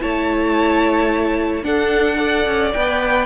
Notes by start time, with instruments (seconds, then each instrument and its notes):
0.00 cello A3, viola E4, violin C#5 A5
1.63 viola D4, cello D4, violin A4 F#5
2.17 viola A4, violin D5
2.47 cello C#4
2.73 cello B3, viola B4, violin G5